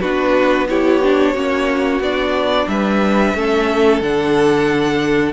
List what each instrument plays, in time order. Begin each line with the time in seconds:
0.00 cello B3, viola D4, violin F#4 B4
0.68 viola E4, violin G4 C#5
1.02 viola D4
1.33 cello A#3, viola C#4, violin F#4
2.00 cello B3, viola D4, violin D5
2.67 cello G3, violin B4 E5
3.34 cello A3, viola C#4, violin A4
4.01 cello D3, viola D4, violin F#5